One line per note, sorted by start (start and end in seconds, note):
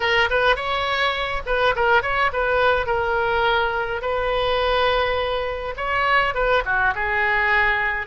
0.00 0.29 A#4
0.30 0.56 B4
0.56 1.42 C#5
1.46 1.74 B4
1.75 2.02 A#4
2.02 2.31 C#5
2.32 2.86 B4
2.86 4.01 A#4
4.01 5.74 B4
5.77 6.34 C#5
6.34 6.63 B4
6.65 6.94 F#4
6.94 8.06 G#4